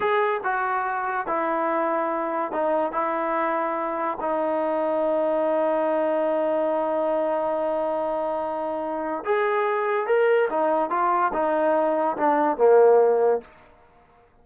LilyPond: \new Staff \with { instrumentName = "trombone" } { \time 4/4 \tempo 4 = 143 gis'4 fis'2 e'4~ | e'2 dis'4 e'4~ | e'2 dis'2~ | dis'1~ |
dis'1~ | dis'2 gis'2 | ais'4 dis'4 f'4 dis'4~ | dis'4 d'4 ais2 | }